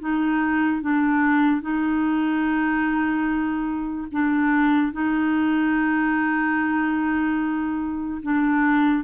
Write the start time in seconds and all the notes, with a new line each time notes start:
0.00 D#4
0.81 D4
1.61 D#4
4.12 D4
4.92 D#4
8.22 D4